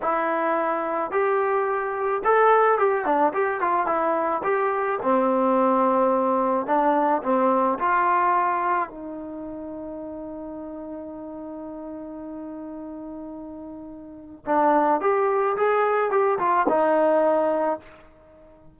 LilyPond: \new Staff \with { instrumentName = "trombone" } { \time 4/4 \tempo 4 = 108 e'2 g'2 | a'4 g'8 d'8 g'8 f'8 e'4 | g'4 c'2. | d'4 c'4 f'2 |
dis'1~ | dis'1~ | dis'2 d'4 g'4 | gis'4 g'8 f'8 dis'2 | }